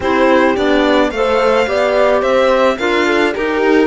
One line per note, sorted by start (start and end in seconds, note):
0.00 0.56 C4
0.00 0.56 E4
0.00 1.10 G4
0.00 0.56 C5
0.56 1.11 B3
0.56 1.11 D4
0.56 1.10 D5
1.10 1.66 A3
1.10 1.66 A4
1.10 1.68 C5
1.10 2.21 F5
1.66 2.22 B3
1.66 2.77 G4
1.66 2.21 D5
2.21 2.77 C4
2.21 2.76 C5
2.21 2.77 E5
2.77 3.35 D4
2.77 3.34 F4
2.77 3.06 A#4
2.77 3.33 F5
3.06 3.32 A4
3.32 3.87 D#4
3.32 3.87 G4
3.32 3.62 G4
3.32 3.87 A#4
3.62 3.87 D#4